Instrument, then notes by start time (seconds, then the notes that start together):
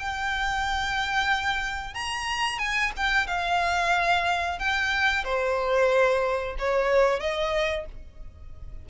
violin
0.00 G5
1.95 A#5
2.59 G#5
2.97 G5
3.28 F5
4.59 G5
5.24 C5
6.59 C#5
7.20 D#5